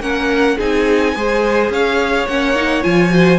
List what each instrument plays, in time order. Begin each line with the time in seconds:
0.00 cello A#3, viola C#4, violin A#4 F#5
0.57 cello C4, viola D#4, violin G#4 G#5
1.15 cello G#3, viola G#4, violin C5
1.70 cello C#4, violin C#5 F5
2.27 cello A#3, viola C#4, violin F#5
2.56 viola D#4
2.83 cello F3, viola F4, violin G#5
3.10 viola F#4, violin C5